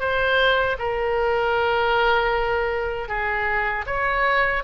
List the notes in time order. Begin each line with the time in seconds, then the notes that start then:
0.00 C5
0.79 A#4
3.08 G#4
3.87 C#5